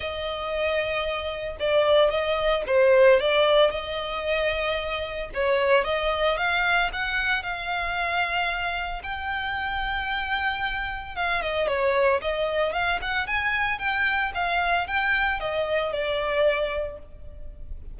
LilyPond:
\new Staff \with { instrumentName = "violin" } { \time 4/4 \tempo 4 = 113 dis''2. d''4 | dis''4 c''4 d''4 dis''4~ | dis''2 cis''4 dis''4 | f''4 fis''4 f''2~ |
f''4 g''2.~ | g''4 f''8 dis''8 cis''4 dis''4 | f''8 fis''8 gis''4 g''4 f''4 | g''4 dis''4 d''2 | }